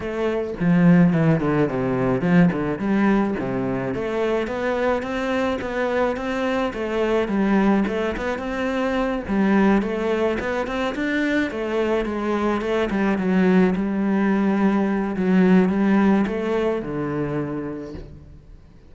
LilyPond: \new Staff \with { instrumentName = "cello" } { \time 4/4 \tempo 4 = 107 a4 f4 e8 d8 c4 | f8 d8 g4 c4 a4 | b4 c'4 b4 c'4 | a4 g4 a8 b8 c'4~ |
c'8 g4 a4 b8 c'8 d'8~ | d'8 a4 gis4 a8 g8 fis8~ | fis8 g2~ g8 fis4 | g4 a4 d2 | }